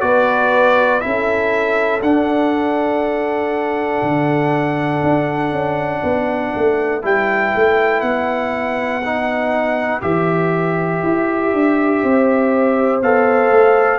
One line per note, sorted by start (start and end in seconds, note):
0.00 1.02 B3
0.00 1.00 F#4
0.00 1.04 B4
0.00 1.00 D5
1.00 2.01 C#4
1.00 2.00 E4
1.00 6.01 A4
1.00 2.00 E5
2.01 4.01 D4
2.01 7.02 D4
2.01 7.02 F#5
4.02 5.02 D3
5.03 5.51 D4
5.51 6.01 C#4
6.01 6.53 B3
6.01 12.01 B4
6.55 7.03 A3
7.02 7.53 G3
7.02 9.02 E4
7.02 8.01 G5
7.55 8.02 A3
8.01 10.02 B3
8.01 10.01 F#5
9.05 10.01 D#4
10.01 11.02 E3
10.01 13.01 G4
10.01 13.02 E5
11.03 11.53 E4
11.53 12.03 D4
12.03 13.02 C4
12.03 13.98 C5
13.02 13.50 B3
13.02 13.98 A4
13.02 13.98 F5
13.50 13.98 A3